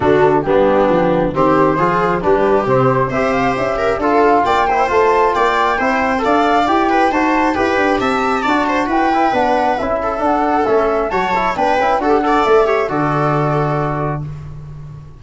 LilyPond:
<<
  \new Staff \with { instrumentName = "flute" } { \time 4/4 \tempo 4 = 135 a'4 g'2 c''4~ | c''4 b'4 c''4 e''8 f''8 | e''4 f''4 g''4 a''4 | g''2 f''4 g''4 |
a''4 g''4 a''2 | g''4 fis''4 e''4 fis''4 | e''4 a''4 g''4 fis''4 | e''4 d''2. | }
  \new Staff \with { instrumentName = "viola" } { \time 4/4 fis'4 d'2 g'4 | gis'4 g'2 c''4~ | c''8 ais'8 a'4 d''8 c''4. | d''4 c''4 d''4. b'8 |
c''4 b'4 e''4 d''8 c''8 | b'2~ b'8 a'4.~ | a'4 cis''4 b'4 a'8 d''8~ | d''8 cis''8 a'2. | }
  \new Staff \with { instrumentName = "trombone" } { \time 4/4 d'4 b2 c'4 | f'4 d'4 c'4 g'4~ | g'4 f'4. e'8 f'4~ | f'4 e'4 a'4 g'4 |
fis'4 g'2 fis'4~ | fis'8 e'8 d'4 e'4 d'4 | cis'4 fis'8 e'8 d'8 e'8 fis'16 g'16 a'8~ | a'8 g'8 fis'2. | }
  \new Staff \with { instrumentName = "tuba" } { \time 4/4 d4 g4 f4 dis4 | f4 g4 c4 c'4 | cis'4 d'4 ais4 a4 | ais4 c'4 d'4 e'4 |
dis'4 e'8 d'8 c'4 d'4 | e'4 b4 cis'4 d'4 | a4 fis4 b8 cis'8 d'4 | a4 d2. | }
>>